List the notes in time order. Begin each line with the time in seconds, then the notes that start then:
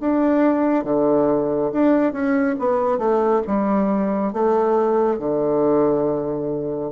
0.00 D4
0.84 D3
1.72 D4
2.13 C#4
2.59 B3
2.98 A3
3.47 G3
4.33 A3
5.19 D3